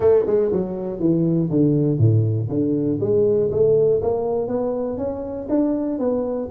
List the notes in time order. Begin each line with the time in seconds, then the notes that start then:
0.00 A3
0.26 G#3
0.51 F#3
0.99 E3
1.50 D3
1.98 A2
2.48 D3
3.00 G#3
3.51 A3
4.02 A#3
4.47 B3
4.97 C#4
5.49 D4
5.99 B3